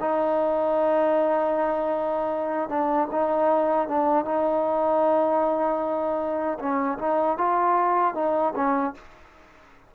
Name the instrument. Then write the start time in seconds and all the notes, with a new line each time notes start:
trombone
0.00 D#4
2.69 D4
3.11 D#4
3.88 D4
4.25 D#4
6.59 C#4
6.98 D#4
7.37 F4
8.15 D#4
8.55 C#4